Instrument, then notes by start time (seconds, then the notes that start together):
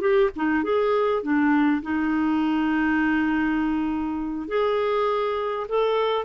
clarinet
0.00 G4
0.36 D#4
0.63 G#4
1.22 D4
1.82 D#4
4.48 G#4
5.68 A4